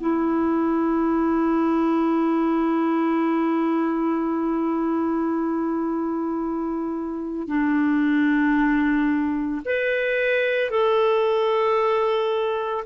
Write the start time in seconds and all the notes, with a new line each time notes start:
0.00 E4
7.48 D4
9.65 B4
10.70 A4